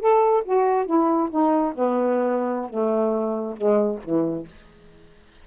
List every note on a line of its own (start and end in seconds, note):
0.00 0.43 A4
0.45 0.86 F#4
0.86 1.29 E4
1.30 1.74 D#4
1.75 2.70 B3
2.70 3.56 A3
3.57 4.00 G#3
4.04 4.47 E3